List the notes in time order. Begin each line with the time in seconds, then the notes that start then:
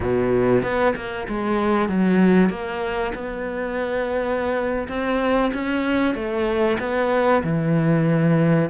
0.00 B2
0.62 B3
0.95 A#3
1.28 G#3
1.88 F#3
2.49 A#3
3.14 B3
4.88 C4
5.53 C#4
6.14 A3
6.79 B3
7.43 E3